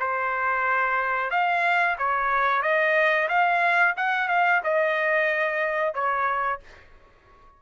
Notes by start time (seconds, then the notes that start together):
0.00 C5
1.31 F5
1.98 C#5
2.62 D#5
3.28 F5
3.97 F#5
4.28 F5
4.64 D#5
5.94 C#5